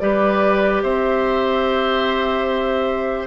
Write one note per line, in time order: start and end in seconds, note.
0.00 0.83 G3
0.00 3.27 G4
0.00 0.83 B4
0.00 0.82 D5
0.83 3.27 C4
0.83 3.27 C5
0.83 3.27 E5